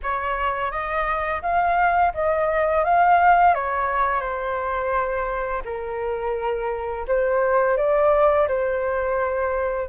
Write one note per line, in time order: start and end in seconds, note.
0.03 0.71 C#5
0.71 1.41 D#5
1.42 2.12 F5
2.14 2.84 D#5
2.84 3.54 F5
3.54 4.20 C#5
4.20 5.61 C5
5.64 7.06 A#4
7.07 7.77 C5
7.77 8.47 D5
8.47 9.89 C5